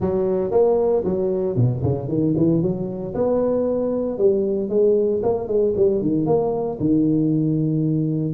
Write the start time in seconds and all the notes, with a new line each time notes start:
0.00 F#3
0.51 A#3
1.04 F#3
1.55 B2
1.82 C#3
2.08 D#3
2.36 E3
2.62 F#3
3.14 B3
4.18 G3
4.69 G#3
5.22 A#3
5.47 G#3
5.76 G3
6.01 D#3
6.26 A#3
6.79 D#3